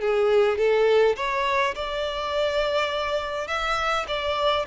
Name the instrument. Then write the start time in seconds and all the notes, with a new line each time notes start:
violin
0.00 G#4
0.57 A4
1.16 C#5
1.74 D5
3.47 E5
4.07 D5